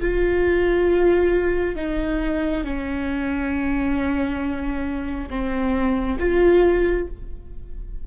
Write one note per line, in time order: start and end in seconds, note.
0.00 1.75 F4
1.75 2.64 D#4
2.64 5.29 C#4
5.29 6.17 C4
6.19 7.07 F4